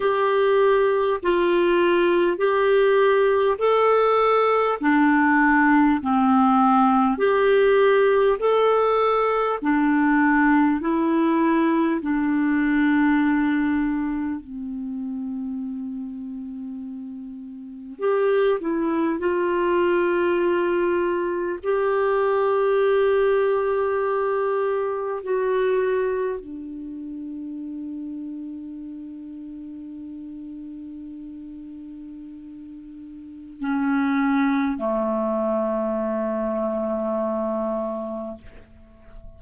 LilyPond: \new Staff \with { instrumentName = "clarinet" } { \time 4/4 \tempo 4 = 50 g'4 f'4 g'4 a'4 | d'4 c'4 g'4 a'4 | d'4 e'4 d'2 | c'2. g'8 e'8 |
f'2 g'2~ | g'4 fis'4 d'2~ | d'1 | cis'4 a2. | }